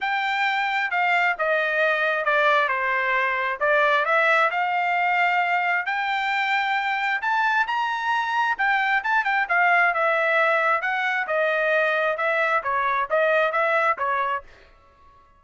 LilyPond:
\new Staff \with { instrumentName = "trumpet" } { \time 4/4 \tempo 4 = 133 g''2 f''4 dis''4~ | dis''4 d''4 c''2 | d''4 e''4 f''2~ | f''4 g''2. |
a''4 ais''2 g''4 | a''8 g''8 f''4 e''2 | fis''4 dis''2 e''4 | cis''4 dis''4 e''4 cis''4 | }